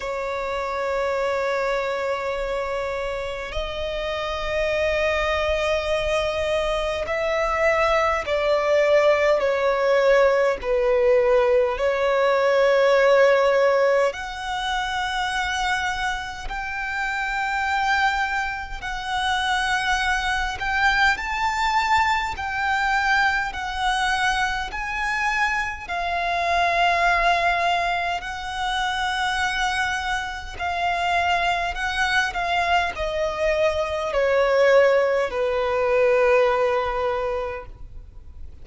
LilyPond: \new Staff \with { instrumentName = "violin" } { \time 4/4 \tempo 4 = 51 cis''2. dis''4~ | dis''2 e''4 d''4 | cis''4 b'4 cis''2 | fis''2 g''2 |
fis''4. g''8 a''4 g''4 | fis''4 gis''4 f''2 | fis''2 f''4 fis''8 f''8 | dis''4 cis''4 b'2 | }